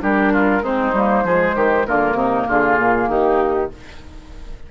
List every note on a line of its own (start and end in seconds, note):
0.00 0.61 G3
0.00 0.61 D4
0.00 0.33 G4
0.00 0.64 A#4
0.33 0.62 F4
0.61 0.92 G#3
0.61 0.93 C4
0.61 1.23 D#4
0.61 1.86 C5
0.92 1.23 G3
0.92 1.26 A#3
1.23 1.54 F3
1.23 1.87 G#3
1.23 1.55 G#4
1.55 1.85 D#3
1.55 1.86 G4
1.86 2.13 D3
1.86 3.71 A#3
1.86 2.17 F4
1.86 2.47 A#4
2.13 2.44 C3
2.13 2.47 D#4
2.47 2.78 D3
2.47 3.08 F4
2.47 3.10 G#4
2.78 3.08 A#2
3.08 3.69 D#3
3.08 3.70 D#4
3.08 3.71 G4